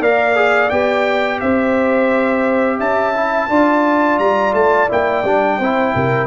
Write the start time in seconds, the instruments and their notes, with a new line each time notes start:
0.00 tuba A#3, trombone A#4, horn D5, trumpet F5
0.36 trombone G#4
0.70 tuba B3, trombone G4, trumpet G5
1.40 tuba C4, horn C5, trumpet E5
2.78 tuba C#4, horn E5, trumpet A5
3.14 trombone E4
3.49 tuba D4, trombone F4, horn D5
4.19 tuba G3, trumpet A#5
4.53 tuba A3, trumpet A5
4.89 tuba A#3, trombone E4, trumpet G5
5.24 tuba G3, trombone D4
5.58 tuba C4, trombone E4, horn C5
5.95 tuba C3, horn A#4